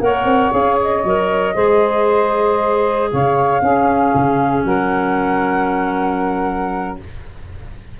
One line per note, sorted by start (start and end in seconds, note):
0.00 0.24 A#3
0.00 0.51 A#4
0.00 1.54 C#5
0.00 0.52 F#5
0.24 0.50 C4
0.51 1.03 C#4
0.51 1.02 G#4
0.51 0.78 F5
0.81 3.11 D#5
1.03 1.55 F#3
1.03 1.54 A#4
1.54 3.11 G#3
1.54 3.61 G#4
1.54 3.09 C5
3.11 3.61 C#3
3.11 3.61 C#5
3.11 4.64 F5
3.61 4.13 C#4
3.61 6.99 C#4
3.61 4.65 G#4
4.14 4.64 C#3
4.64 6.97 F#3
4.64 6.98 A#4
4.64 6.97 F#5